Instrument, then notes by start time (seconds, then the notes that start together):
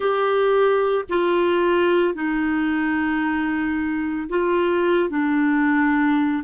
clarinet
0.00 G4
1.09 F4
2.14 D#4
4.29 F4
5.09 D4